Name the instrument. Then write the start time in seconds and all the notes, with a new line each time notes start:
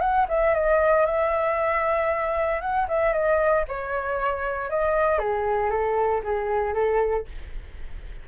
flute
0.00 F#5
0.28 E5
0.54 D#5
1.06 E5
2.61 F#5
2.88 E5
3.12 D#5
3.68 C#5
4.69 D#5
5.18 G#4
5.70 A4
6.23 G#4
6.74 A4